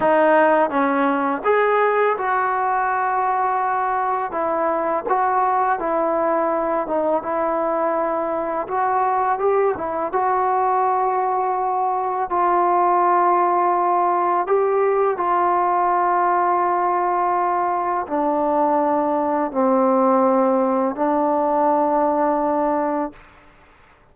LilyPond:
\new Staff \with { instrumentName = "trombone" } { \time 4/4 \tempo 4 = 83 dis'4 cis'4 gis'4 fis'4~ | fis'2 e'4 fis'4 | e'4. dis'8 e'2 | fis'4 g'8 e'8 fis'2~ |
fis'4 f'2. | g'4 f'2.~ | f'4 d'2 c'4~ | c'4 d'2. | }